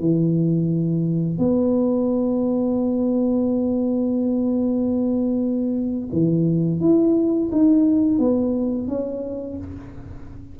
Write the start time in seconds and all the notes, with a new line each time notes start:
0.00 E3
1.39 B3
6.13 E3
6.81 E4
7.52 D#4
8.19 B3
8.88 C#4